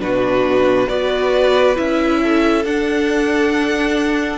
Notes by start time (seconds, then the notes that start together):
0.00 B2 D4 F#4 B4
0.88 B3 F#4 B4 D5
1.76 C#4 E4 E5
2.23 A4
2.65 D4 F#5